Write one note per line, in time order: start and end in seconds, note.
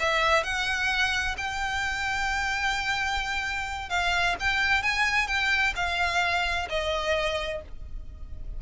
0.00 0.44 E5
0.44 1.36 F#5
1.38 3.90 G5
3.90 4.36 F5
4.40 4.83 G5
4.83 5.27 G#5
5.27 5.74 G5
5.76 6.68 F5
6.70 7.62 D#5